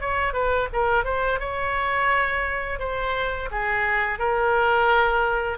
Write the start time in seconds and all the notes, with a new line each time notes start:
0.00 C#5
0.33 B4
0.73 A#4
1.04 C5
1.40 C#5
2.79 C5
3.51 G#4
4.19 A#4